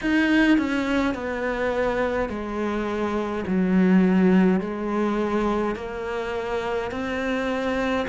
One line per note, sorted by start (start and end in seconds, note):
0.01 0.58 D#4
0.58 1.14 C#4
1.14 2.29 B3
2.29 3.44 G#3
3.47 4.60 F#3
4.60 5.75 G#3
5.75 6.91 A#3
6.91 8.06 C4